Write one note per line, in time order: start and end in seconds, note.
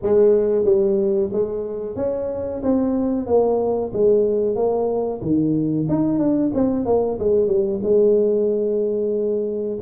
0.02 0.64 G#3
0.64 1.30 G3
1.32 1.96 G#3
1.96 2.61 C#4
2.62 3.26 C4
3.26 3.92 A#3
3.93 4.55 G#3
4.55 5.20 A#3
5.21 5.86 D#3
5.88 6.18 D#4
6.18 6.51 D4
6.54 6.85 C4
6.85 7.18 A#3
7.19 7.47 G#3
7.47 7.79 G3
7.83 9.78 G#3